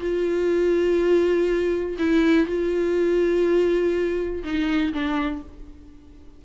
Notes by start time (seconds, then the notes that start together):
0.00 F4
1.98 E4
2.46 F4
4.44 D#4
4.93 D4